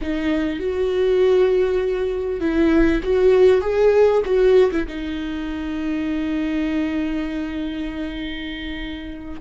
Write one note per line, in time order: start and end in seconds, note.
0.01 0.59 D#4
0.59 2.40 F#4
2.40 3.01 E4
3.03 3.61 F#4
3.61 4.21 G#4
4.25 4.70 F#4
4.71 4.87 E4
4.87 9.40 D#4